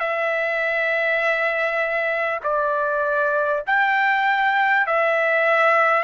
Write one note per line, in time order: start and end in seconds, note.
0.00 2.40 E5
2.44 3.64 D5
3.67 4.87 G5
4.87 6.04 E5